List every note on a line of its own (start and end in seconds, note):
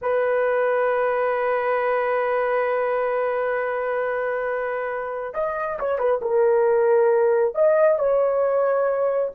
0.01 5.34 B4
5.34 5.78 D#5
5.79 5.98 C#5
5.98 6.20 B4
6.21 7.55 A#4
7.55 7.98 D#5
7.98 9.32 C#5